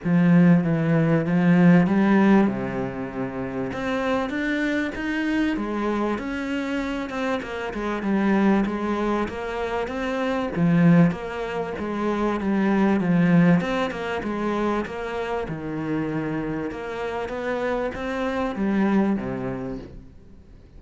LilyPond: \new Staff \with { instrumentName = "cello" } { \time 4/4 \tempo 4 = 97 f4 e4 f4 g4 | c2 c'4 d'4 | dis'4 gis4 cis'4. c'8 | ais8 gis8 g4 gis4 ais4 |
c'4 f4 ais4 gis4 | g4 f4 c'8 ais8 gis4 | ais4 dis2 ais4 | b4 c'4 g4 c4 | }